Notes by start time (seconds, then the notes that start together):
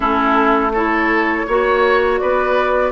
0.00 A3 C#4 E4 A4
0.73 E4 A4 C#5
1.47 A#3 F#4 C#5
2.18 B3 B4 D5